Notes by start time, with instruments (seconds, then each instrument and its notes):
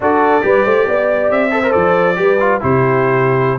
0.00 tuba D4, trombone F#4, horn A4, trumpet D5
0.41 tuba G3, trombone G4, horn B4
0.64 tuba A3, horn C5
0.87 tuba B3, horn D5
1.30 tuba C4, trumpet E5
1.50 trombone A4, horn C5
1.63 trombone A#4
1.71 tuba F3, trombone A4, trumpet D5
2.16 tuba G3, trombone G4, horn B4
2.39 trombone F4
2.60 tuba C3, trombone E4, horn G4, trumpet C5